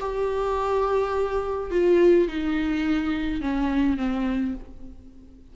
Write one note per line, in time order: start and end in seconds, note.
0.00 1.71 G4
1.71 2.28 F4
2.28 3.42 D#4
3.42 3.97 C#4
3.97 4.55 C4